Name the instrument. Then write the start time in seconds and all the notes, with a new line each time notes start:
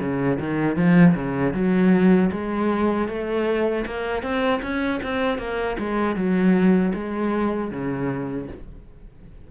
cello
0.00 C#3
0.39 D#3
0.76 F3
1.14 C#3
1.53 F#3
2.31 G#3
3.08 A3
3.86 A#3
4.22 C4
4.62 C#4
5.02 C4
5.38 A#3
5.78 G#3
6.15 F#3
6.94 G#3
7.71 C#3